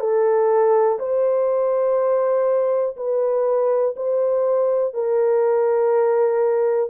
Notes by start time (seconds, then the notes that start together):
0.00 A4
0.99 C5
2.96 B4
3.96 C5
4.94 A#4